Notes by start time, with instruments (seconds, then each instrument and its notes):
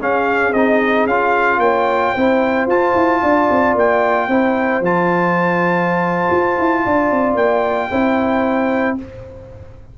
0.00 tuba C#4, trombone C#4, horn G#4, trumpet F5
0.53 tuba C4, trombone D#4, trumpet D#5
1.06 tuba C#4, trombone F4, trumpet F5
1.59 tuba A#3, horn C#5, trumpet G5
2.13 tuba C4, trombone E4, horn C5
2.67 tuba F4, trombone F4, trumpet A5
2.95 tuba E4
3.22 tuba D4, horn D5
3.51 tuba C4
3.75 tuba A#3, trumpet G5
4.29 tuba C4, trombone E4, horn C5
4.81 tuba F3, trombone F4, trumpet A5
6.32 tuba F4
6.59 tuba E4
6.85 tuba D4, horn D5
7.11 tuba C4
7.36 tuba A#3, trumpet G5
7.91 tuba C4, trombone E4, horn C5